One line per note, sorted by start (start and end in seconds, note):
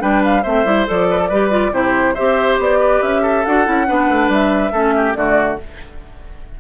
0.00 0.45 G3
0.00 0.43 D4
0.00 0.43 B4
0.00 0.23 G5
0.24 0.43 F5
0.43 0.65 A3
0.43 0.65 C4
0.43 1.07 C5
0.43 0.86 E5
0.65 0.86 G3
0.65 0.86 E4
0.86 1.31 F3
0.86 1.29 A4
0.86 1.74 D5
1.11 1.19 B4
1.19 1.29 A4
1.29 1.72 G3
1.29 1.51 G4
1.29 1.72 B4
1.51 1.72 F4
1.72 2.15 C3
1.72 2.15 E4
1.72 2.14 G4
1.72 2.15 C5
2.14 2.59 C4
2.14 3.46 G4
2.14 2.79 C5
2.14 2.58 E5
2.59 3.02 B3
2.59 3.02 D5
2.80 3.22 B4
3.02 3.45 C#4
3.02 3.45 E5
3.22 3.87 A4
3.45 3.67 D4
3.45 3.65 F#4
3.45 4.30 F#5
3.65 3.89 C#4
3.65 3.86 E4
3.87 4.09 B3
3.87 4.72 D4
3.87 4.72 B4
4.09 4.28 A3
4.28 4.71 G3
4.28 5.15 E5
4.72 5.16 A3
4.72 5.15 C#4
4.72 4.94 A4
4.96 5.17 G4
5.15 5.59 D3
5.15 5.58 A3
5.15 5.60 F#4
5.15 5.58 D5